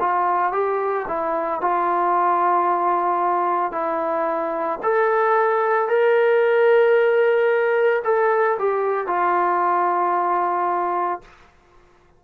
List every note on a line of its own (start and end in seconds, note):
0.00 0.53 F4
0.53 1.07 G4
1.09 1.61 E4
1.61 3.73 F4
3.73 4.80 E4
4.84 5.89 A4
5.89 8.03 A#4
8.05 8.58 A4
8.60 9.08 G4
9.08 11.22 F4